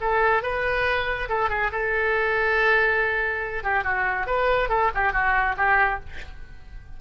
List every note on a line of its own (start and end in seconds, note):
0.00 0.42 A4
0.42 1.28 B4
1.29 1.49 A4
1.49 1.71 G#4
1.71 3.63 A4
3.63 3.84 G4
3.84 4.26 F#4
4.26 4.69 B4
4.69 4.90 A4
4.94 5.12 G4
5.12 5.55 F#4
5.57 5.99 G4